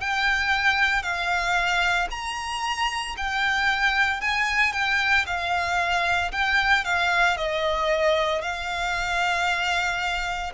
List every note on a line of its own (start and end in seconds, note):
0.00 1.02 G5
1.02 2.08 F5
2.11 3.16 A#5
3.17 4.21 G5
4.21 4.72 G#5
4.72 5.25 G5
5.26 6.31 F5
6.32 6.84 G5
6.84 7.37 F5
7.37 8.42 D#5
8.42 10.52 F5